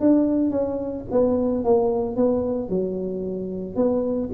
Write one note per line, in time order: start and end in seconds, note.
0.00 0.50 D4
0.50 1.04 C#4
1.11 1.64 B3
1.64 2.16 A#3
2.16 2.69 B3
2.69 3.75 F#3
3.75 4.29 B3